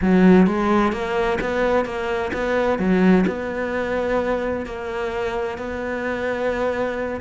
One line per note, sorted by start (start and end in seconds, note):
0.01 0.46 F#3
0.46 0.92 G#3
0.92 1.38 A#3
1.40 1.85 B3
1.85 2.31 A#3
2.33 2.78 B3
2.78 3.25 F#3
3.26 4.66 B3
4.66 5.58 A#3
5.58 7.21 B3